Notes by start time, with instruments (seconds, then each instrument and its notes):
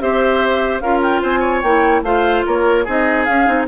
0.00 bassoon C4, clarinet G4, oboe C5, flute E5
0.81 bassoon C#4, clarinet F4, oboe A#4, flute F5
1.02 flute G5
1.21 bassoon C4, oboe C5, flute G#5
1.40 oboe C#5
1.63 bassoon A#3, clarinet E4, flute G5
2.02 bassoon A3, clarinet F4, oboe C5, flute F5
2.46 bassoon A#3, oboe A#4, flute C#5
2.85 bassoon C4, clarinet D#4, oboe G#4, flute D#5
3.25 bassoon C#4, clarinet C#4, flute F5
3.46 bassoon C4, clarinet D#4